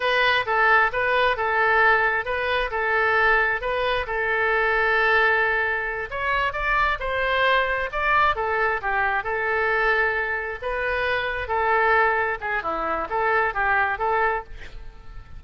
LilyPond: \new Staff \with { instrumentName = "oboe" } { \time 4/4 \tempo 4 = 133 b'4 a'4 b'4 a'4~ | a'4 b'4 a'2 | b'4 a'2.~ | a'4. cis''4 d''4 c''8~ |
c''4. d''4 a'4 g'8~ | g'8 a'2. b'8~ | b'4. a'2 gis'8 | e'4 a'4 g'4 a'4 | }